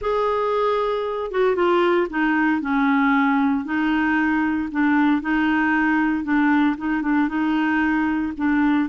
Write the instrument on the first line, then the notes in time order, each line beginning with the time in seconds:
clarinet
0.01 G#4
1.31 F#4
1.55 F4
2.10 D#4
2.61 C#4
3.65 D#4
4.71 D4
5.21 D#4
6.23 D4
6.77 D#4
7.02 D4
7.28 D#4
8.37 D4